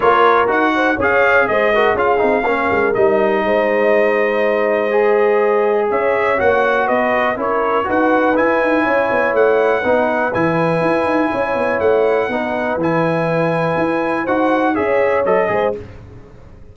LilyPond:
<<
  \new Staff \with { instrumentName = "trumpet" } { \time 4/4 \tempo 4 = 122 cis''4 fis''4 f''4 dis''4 | f''2 dis''2~ | dis''1 | e''4 fis''4 dis''4 cis''4 |
fis''4 gis''2 fis''4~ | fis''4 gis''2. | fis''2 gis''2~ | gis''4 fis''4 e''4 dis''4 | }
  \new Staff \with { instrumentName = "horn" } { \time 4/4 ais'4. c''8 cis''4 c''8 ais'8 | gis'4 ais'2 c''4~ | c''1 | cis''2 b'4 ais'4 |
b'2 cis''2 | b'2. cis''4~ | cis''4 b'2.~ | b'4 c''4 cis''4. c''8 | }
  \new Staff \with { instrumentName = "trombone" } { \time 4/4 f'4 fis'4 gis'4. fis'8 | f'8 dis'8 cis'4 dis'2~ | dis'2 gis'2~ | gis'4 fis'2 e'4 |
fis'4 e'2. | dis'4 e'2.~ | e'4 dis'4 e'2~ | e'4 fis'4 gis'4 a'8 gis'8 | }
  \new Staff \with { instrumentName = "tuba" } { \time 4/4 ais4 dis'4 cis'4 gis4 | cis'8 c'8 ais8 gis8 g4 gis4~ | gis1 | cis'4 ais4 b4 cis'4 |
dis'4 e'8 dis'8 cis'8 b8 a4 | b4 e4 e'8 dis'8 cis'8 b8 | a4 b4 e2 | e'4 dis'4 cis'4 fis8 gis8 | }
>>